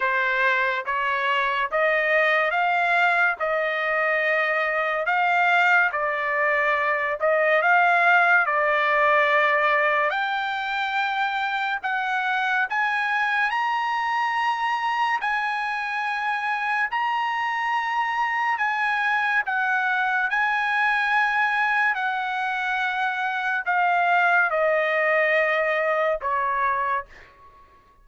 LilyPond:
\new Staff \with { instrumentName = "trumpet" } { \time 4/4 \tempo 4 = 71 c''4 cis''4 dis''4 f''4 | dis''2 f''4 d''4~ | d''8 dis''8 f''4 d''2 | g''2 fis''4 gis''4 |
ais''2 gis''2 | ais''2 gis''4 fis''4 | gis''2 fis''2 | f''4 dis''2 cis''4 | }